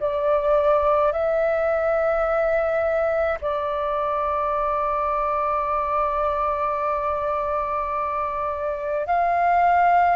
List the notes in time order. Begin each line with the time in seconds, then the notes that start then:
0.00 D5
1.13 E5
3.42 D5
9.07 F5